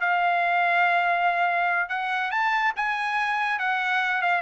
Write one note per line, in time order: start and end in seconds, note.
0.00 1.89 F5
1.89 2.31 F#5
2.31 2.73 A5
2.76 3.59 G#5
3.59 4.21 F#5
4.21 4.41 F5